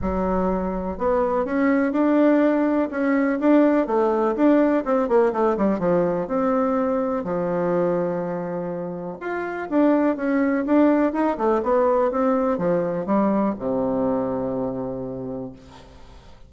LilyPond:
\new Staff \with { instrumentName = "bassoon" } { \time 4/4 \tempo 4 = 124 fis2 b4 cis'4 | d'2 cis'4 d'4 | a4 d'4 c'8 ais8 a8 g8 | f4 c'2 f4~ |
f2. f'4 | d'4 cis'4 d'4 dis'8 a8 | b4 c'4 f4 g4 | c1 | }